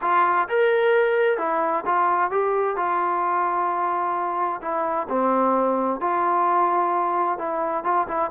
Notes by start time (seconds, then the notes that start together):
0.01 F4
0.48 A#4
1.38 E4
1.85 F4
2.30 G4
2.76 F4
4.61 E4
5.09 C4
6.00 F4
7.38 E4
7.84 F4
8.07 E4